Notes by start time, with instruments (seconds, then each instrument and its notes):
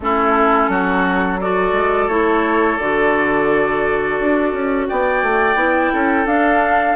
0.00 bassoon A3, clarinet C#4, oboe E4, flute A4
0.68 bassoon F#3, oboe F#4
1.40 clarinet F#4, oboe A4, flute D5
1.72 bassoon G#3
2.07 bassoon A3, clarinet E4, flute C#5
2.77 bassoon D3, clarinet F#4, flute D5
4.19 bassoon D4
4.52 bassoon C#4
4.88 bassoon B3, oboe D5, flute G5
5.22 bassoon A3
5.55 bassoon B3, clarinet E4
5.93 bassoon C#4, oboe A4
6.25 bassoon D4, clarinet D4, flute F5